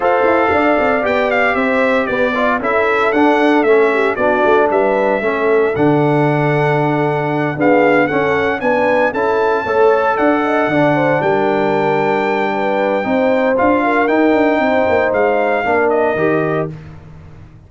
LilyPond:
<<
  \new Staff \with { instrumentName = "trumpet" } { \time 4/4 \tempo 4 = 115 f''2 g''8 f''8 e''4 | d''4 e''4 fis''4 e''4 | d''4 e''2 fis''4~ | fis''2~ fis''8 f''4 fis''8~ |
fis''8 gis''4 a''2 fis''8~ | fis''4. g''2~ g''8~ | g''2 f''4 g''4~ | g''4 f''4. dis''4. | }
  \new Staff \with { instrumentName = "horn" } { \time 4/4 c''4 d''2 c''4 | b'8 d''8 a'2~ a'8 g'8 | fis'4 b'4 a'2~ | a'2~ a'8 gis'4 a'8~ |
a'8 b'4 a'4 cis''4 d''8 | dis''8 d''8 c''8 ais'2~ ais'8 | b'4 c''4. ais'4. | c''2 ais'2 | }
  \new Staff \with { instrumentName = "trombone" } { \time 4/4 a'2 g'2~ | g'8 f'8 e'4 d'4 cis'4 | d'2 cis'4 d'4~ | d'2~ d'8 b4 cis'8~ |
cis'8 d'4 e'4 a'4.~ | a'8 d'2.~ d'8~ | d'4 dis'4 f'4 dis'4~ | dis'2 d'4 g'4 | }
  \new Staff \with { instrumentName = "tuba" } { \time 4/4 f'8 e'8 d'8 c'8 b4 c'4 | b4 cis'4 d'4 a4 | b8 a8 g4 a4 d4~ | d2~ d8 d'4 cis'8~ |
cis'8 b4 cis'4 a4 d'8~ | d'8 d4 g2~ g8~ | g4 c'4 d'4 dis'8 d'8 | c'8 ais8 gis4 ais4 dis4 | }
>>